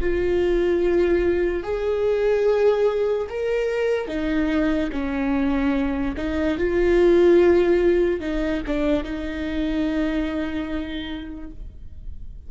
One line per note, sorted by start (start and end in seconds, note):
0.00 1.63 F4
1.63 3.27 G#4
3.29 4.08 A#4
4.08 4.90 D#4
4.92 6.15 C#4
6.16 6.58 D#4
6.58 8.20 F4
8.20 8.62 D#4
8.66 9.04 D4
9.04 11.50 D#4